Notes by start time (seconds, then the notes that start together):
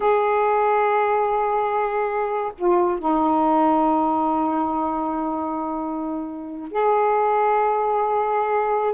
0.00 G#4
2.58 F4
2.99 D#4
6.71 G#4